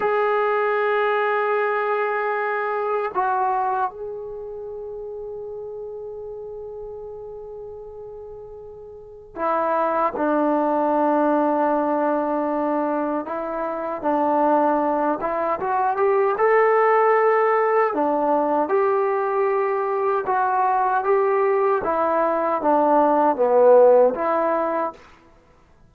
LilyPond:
\new Staff \with { instrumentName = "trombone" } { \time 4/4 \tempo 4 = 77 gis'1 | fis'4 gis'2.~ | gis'1 | e'4 d'2.~ |
d'4 e'4 d'4. e'8 | fis'8 g'8 a'2 d'4 | g'2 fis'4 g'4 | e'4 d'4 b4 e'4 | }